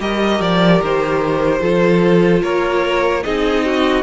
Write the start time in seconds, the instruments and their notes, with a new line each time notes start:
0.00 cello G3, viola G4, violin A#4 D#5
0.40 cello F3, violin D5
0.82 cello D#3, violin C5
1.60 cello F3, viola F4, violin A4
2.42 cello A#3, violin A#4 C#5
3.23 cello C4, viola D#4, violin G#4 D#5
3.65 violin F#4